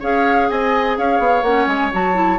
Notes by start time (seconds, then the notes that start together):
0.00 C#4 G#4 C#5 F5
0.50 C4 D#5 G#5
0.98 C#4 C#5 F5
1.19 B3
1.43 A#3 C#4 F#5
1.67 G#3 G#5
1.93 F#3 F#4 A5
2.15 E4